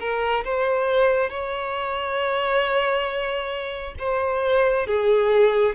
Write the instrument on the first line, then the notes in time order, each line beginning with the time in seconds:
violin
0.00 A#4
0.45 C5
1.30 C#5
3.99 C5
4.87 G#4